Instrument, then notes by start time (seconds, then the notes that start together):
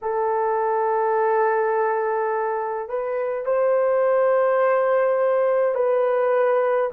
horn
0.01 A4
2.88 B4
3.45 C5
5.74 B4